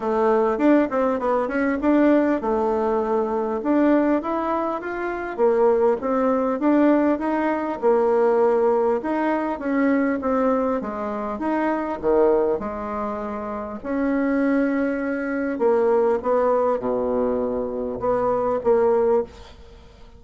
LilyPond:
\new Staff \with { instrumentName = "bassoon" } { \time 4/4 \tempo 4 = 100 a4 d'8 c'8 b8 cis'8 d'4 | a2 d'4 e'4 | f'4 ais4 c'4 d'4 | dis'4 ais2 dis'4 |
cis'4 c'4 gis4 dis'4 | dis4 gis2 cis'4~ | cis'2 ais4 b4 | b,2 b4 ais4 | }